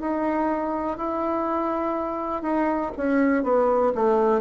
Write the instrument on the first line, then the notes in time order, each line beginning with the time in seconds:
bassoon
0.00 D#4
0.97 E4
2.42 D#4
2.97 C#4
3.44 B3
3.95 A3